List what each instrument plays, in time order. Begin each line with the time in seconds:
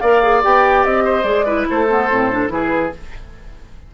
0.00 bassoon A#3, clarinet A#4, oboe D5, flute F5
0.22 clarinet G#4
0.43 bassoon B3, clarinet G4, flute G5
0.84 bassoon C4, flute D#5
1.04 oboe C5
1.24 bassoon G#3, clarinet G#4, flute D5
1.46 clarinet E4, oboe B4
1.70 bassoon A3, oboe A4, flute C5
1.88 clarinet B3
2.10 bassoon A2, clarinet C4
2.32 clarinet D4
2.48 bassoon E3, clarinet E4, oboe G#4, flute B4